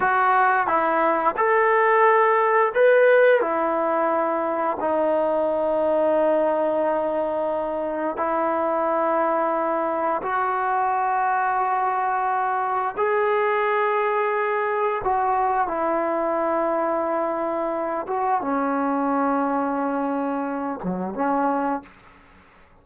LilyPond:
\new Staff \with { instrumentName = "trombone" } { \time 4/4 \tempo 4 = 88 fis'4 e'4 a'2 | b'4 e'2 dis'4~ | dis'1 | e'2. fis'4~ |
fis'2. gis'4~ | gis'2 fis'4 e'4~ | e'2~ e'8 fis'8 cis'4~ | cis'2~ cis'8 fis8 cis'4 | }